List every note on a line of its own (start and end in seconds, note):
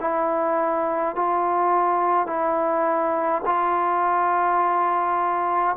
0.00 1.15 E4
1.15 2.26 F4
2.26 3.41 E4
3.45 5.76 F4